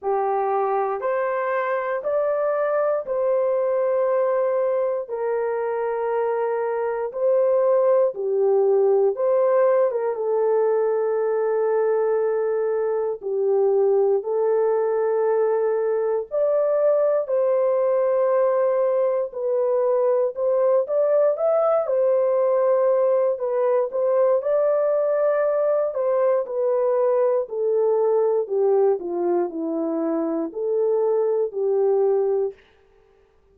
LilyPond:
\new Staff \with { instrumentName = "horn" } { \time 4/4 \tempo 4 = 59 g'4 c''4 d''4 c''4~ | c''4 ais'2 c''4 | g'4 c''8. ais'16 a'2~ | a'4 g'4 a'2 |
d''4 c''2 b'4 | c''8 d''8 e''8 c''4. b'8 c''8 | d''4. c''8 b'4 a'4 | g'8 f'8 e'4 a'4 g'4 | }